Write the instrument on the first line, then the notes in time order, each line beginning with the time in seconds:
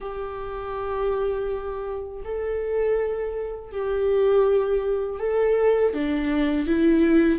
viola
0.00 G4
2.24 A4
3.71 G4
5.19 A4
5.93 D4
6.67 E4